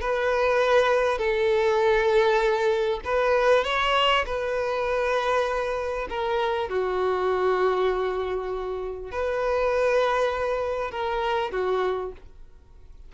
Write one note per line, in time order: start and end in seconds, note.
0.00 1.18 B4
1.18 3.00 A4
3.04 3.64 B4
3.64 4.25 C#5
4.25 6.07 B4
6.09 6.69 A#4
6.69 9.11 F#4
9.11 10.91 B4
10.91 11.51 A#4
11.51 12.12 F#4